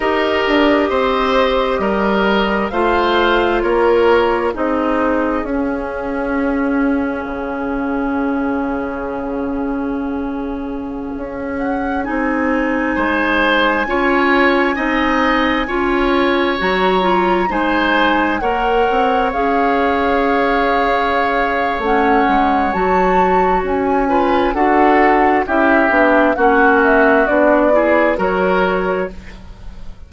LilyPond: <<
  \new Staff \with { instrumentName = "flute" } { \time 4/4 \tempo 4 = 66 dis''2. f''4 | cis''4 dis''4 f''2~ | f''1~ | f''8. fis''8 gis''2~ gis''8.~ |
gis''2~ gis''16 ais''4 gis''8.~ | gis''16 fis''4 f''2~ f''8. | fis''4 a''4 gis''4 fis''4 | e''4 fis''8 e''8 d''4 cis''4 | }
  \new Staff \with { instrumentName = "oboe" } { \time 4/4 ais'4 c''4 ais'4 c''4 | ais'4 gis'2.~ | gis'1~ | gis'2~ gis'16 c''4 cis''8.~ |
cis''16 dis''4 cis''2 c''8.~ | c''16 cis''2.~ cis''8.~ | cis''2~ cis''8 b'8 a'4 | g'4 fis'4. gis'8 ais'4 | }
  \new Staff \with { instrumentName = "clarinet" } { \time 4/4 g'2. f'4~ | f'4 dis'4 cis'2~ | cis'1~ | cis'4~ cis'16 dis'2 f'8.~ |
f'16 dis'4 f'4 fis'8 f'8 dis'8.~ | dis'16 ais'4 gis'2~ gis'8. | cis'4 fis'4. f'8 fis'4 | e'8 d'8 cis'4 d'8 e'8 fis'4 | }
  \new Staff \with { instrumentName = "bassoon" } { \time 4/4 dis'8 d'8 c'4 g4 a4 | ais4 c'4 cis'2 | cis1~ | cis16 cis'4 c'4 gis4 cis'8.~ |
cis'16 c'4 cis'4 fis4 gis8.~ | gis16 ais8 c'8 cis'2~ cis'8. | a8 gis8 fis4 cis'4 d'4 | cis'8 b8 ais4 b4 fis4 | }
>>